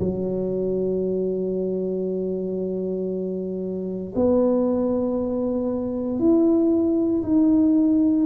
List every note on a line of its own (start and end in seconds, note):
0.00 4.14 F#3
4.16 6.19 B3
6.19 7.23 E4
7.23 8.26 D#4